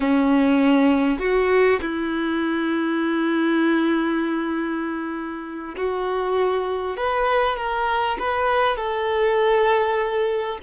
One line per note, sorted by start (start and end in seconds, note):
0.00 1.19 C#4
1.19 1.79 F#4
1.81 5.75 E4
5.77 6.96 F#4
6.96 7.56 B4
7.56 8.17 A#4
8.19 8.76 B4
8.76 10.58 A4